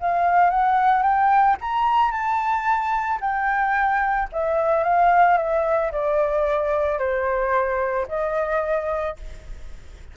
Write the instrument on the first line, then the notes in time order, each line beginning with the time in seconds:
flute
0.00 F5
0.50 F#5
1.03 G5
1.61 A#5
2.11 A5
3.20 G5
4.32 E5
4.83 F5
5.37 E5
5.92 D5
6.99 C5
8.08 D#5